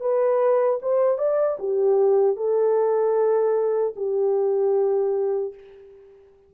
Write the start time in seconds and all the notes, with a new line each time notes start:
0.00 B4
0.81 C5
1.18 D5
1.59 G4
2.36 A4
3.96 G4